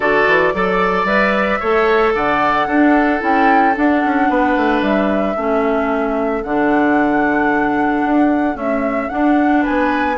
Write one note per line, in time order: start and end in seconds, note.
0.00 0.26 D3
0.00 0.53 F#4
0.00 0.53 A4
0.00 1.06 D5
0.27 0.53 E3
0.53 1.04 F#3
0.53 1.07 A4
0.53 1.59 D5
1.04 1.58 G3
1.04 1.60 B4
1.04 2.13 E5
1.59 2.14 A3
1.59 2.69 A4
1.59 2.13 C#5
2.14 2.67 D3
2.14 2.67 D5
2.14 3.22 F#5
2.67 3.20 D4
2.67 3.19 D4
2.67 4.27 A4
3.19 3.76 C#4
3.19 3.73 E4
3.19 3.76 G5
3.75 5.35 D4
3.75 4.04 D4
3.75 4.82 F#5
4.04 4.29 C#4
4.29 4.56 B3
4.29 5.36 B4
4.56 4.81 A3
4.81 5.35 G3
4.81 6.43 E5
5.36 6.44 A3
5.36 6.43 C#4
5.36 9.61 A4
6.43 8.04 D3
6.43 8.54 D4
6.43 8.56 F#5
8.04 8.55 D4
8.54 9.07 A3
8.54 9.09 C#4
8.54 9.09 E5
9.09 10.16 D4
9.09 9.66 D4
9.09 9.62 F#5
9.61 10.15 B4
9.61 10.18 G#5
9.68 10.18 B3